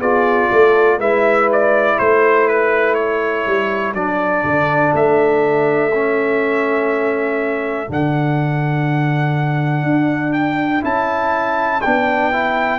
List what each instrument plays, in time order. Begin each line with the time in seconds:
0.00 tuba B3, trombone F4, horn G#4, trumpet D5
0.52 tuba A3, horn A4
0.99 tuba G#3, trombone E4, horn B4, trumpet E5
1.53 trumpet D5
1.97 tuba A3, horn A4, trumpet C5
2.48 trumpet B4
2.95 trumpet C#5
3.47 tuba G3
3.94 tuba F#3, trombone D4, trumpet D5
4.44 tuba D3
4.94 tuba A3, trumpet E5
5.94 trombone C#4
7.87 tuba D3, trombone D4, trumpet F#5
9.84 tuba D4
10.33 trumpet G5
10.82 tuba C#4, trombone E4, trumpet A5
11.82 tuba B3, trombone D4, trumpet G5
12.33 trombone E4